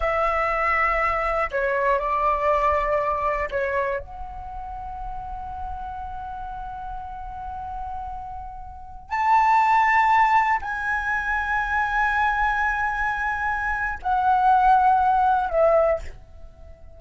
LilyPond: \new Staff \with { instrumentName = "flute" } { \time 4/4 \tempo 4 = 120 e''2. cis''4 | d''2. cis''4 | fis''1~ | fis''1~ |
fis''2~ fis''16 a''4.~ a''16~ | a''4~ a''16 gis''2~ gis''8.~ | gis''1 | fis''2. e''4 | }